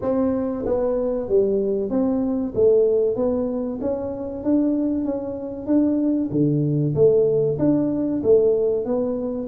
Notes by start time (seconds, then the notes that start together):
0.01 C4
0.65 B3
1.29 G3
1.89 C4
2.54 A3
3.16 B3
3.81 C#4
4.43 D4
5.04 C#4
5.66 D4
6.31 D3
6.94 A3
7.58 D4
8.23 A3
8.84 B3